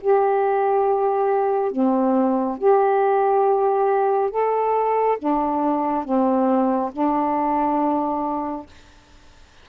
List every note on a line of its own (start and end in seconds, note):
0.00 1.71 G4
1.71 2.58 C4
2.58 4.30 G4
4.30 5.17 A4
5.18 6.04 D4
6.04 6.91 C4
6.92 8.66 D4